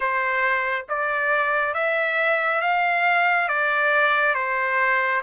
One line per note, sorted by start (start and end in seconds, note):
0.00 0.85 C5
0.89 1.74 D5
1.74 2.61 E5
2.61 3.48 F5
3.48 4.34 D5
4.34 5.21 C5